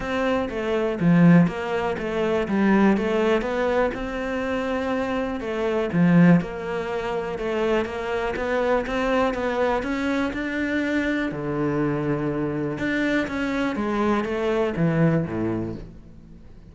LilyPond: \new Staff \with { instrumentName = "cello" } { \time 4/4 \tempo 4 = 122 c'4 a4 f4 ais4 | a4 g4 a4 b4 | c'2. a4 | f4 ais2 a4 |
ais4 b4 c'4 b4 | cis'4 d'2 d4~ | d2 d'4 cis'4 | gis4 a4 e4 a,4 | }